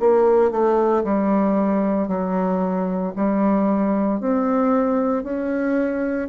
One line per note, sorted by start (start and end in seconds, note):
0.00 0.51 A#3
0.51 1.03 A3
1.04 2.08 G3
2.08 3.13 F#3
3.16 4.21 G3
4.21 5.23 C4
5.23 6.29 C#4